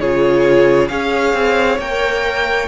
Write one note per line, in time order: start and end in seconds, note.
0.00 0.90 C#3
0.00 0.89 F4
0.00 0.90 G#4
0.00 0.88 C#5
0.88 1.34 C#4
0.88 1.78 G#4
0.88 2.68 C#5
0.88 1.78 F5
1.34 1.78 C4
1.78 2.68 A#3
1.78 2.68 A#4
1.78 2.68 G5